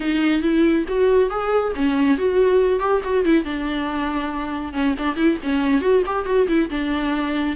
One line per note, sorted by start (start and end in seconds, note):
0.00 0.42 D#4
0.42 0.85 E4
0.88 1.29 F#4
1.29 1.73 G#4
1.75 2.17 C#4
2.17 2.79 F#4
2.79 3.01 G4
3.03 3.25 F#4
3.25 3.44 E4
3.44 4.73 D4
4.73 4.94 C#4
4.98 5.16 D4
5.16 5.37 E4
5.43 5.81 C#4
5.81 6.02 F#4
6.06 6.25 G4
6.25 6.47 F#4
6.47 6.69 E4
6.69 7.56 D4